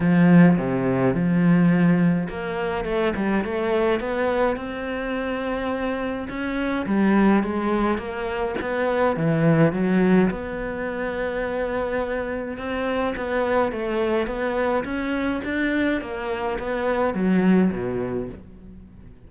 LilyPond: \new Staff \with { instrumentName = "cello" } { \time 4/4 \tempo 4 = 105 f4 c4 f2 | ais4 a8 g8 a4 b4 | c'2. cis'4 | g4 gis4 ais4 b4 |
e4 fis4 b2~ | b2 c'4 b4 | a4 b4 cis'4 d'4 | ais4 b4 fis4 b,4 | }